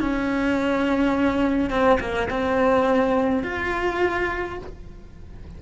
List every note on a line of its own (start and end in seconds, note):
0.00 1.70 C#4
1.70 1.99 C4
2.00 2.29 A#3
2.29 3.43 C4
3.43 4.58 F4